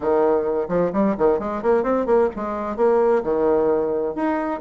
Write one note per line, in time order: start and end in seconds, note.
0.00 0.67 D#3
0.68 0.91 F3
0.92 1.15 G3
1.18 1.39 D#3
1.39 1.62 G#3
1.62 1.83 A#3
1.83 2.06 C4
2.06 2.29 A#3
2.35 2.76 G#3
2.76 3.22 A#3
3.23 4.15 D#3
4.15 4.60 D#4